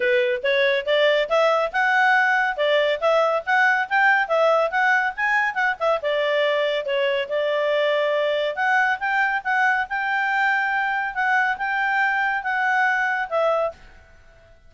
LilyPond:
\new Staff \with { instrumentName = "clarinet" } { \time 4/4 \tempo 4 = 140 b'4 cis''4 d''4 e''4 | fis''2 d''4 e''4 | fis''4 g''4 e''4 fis''4 | gis''4 fis''8 e''8 d''2 |
cis''4 d''2. | fis''4 g''4 fis''4 g''4~ | g''2 fis''4 g''4~ | g''4 fis''2 e''4 | }